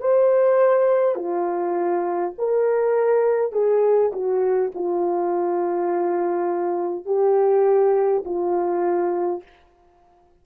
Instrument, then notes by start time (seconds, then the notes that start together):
horn
0.00 C5
1.15 F4
2.38 A#4
3.52 G#4
4.12 F#4
4.74 F4
7.05 G4
8.25 F4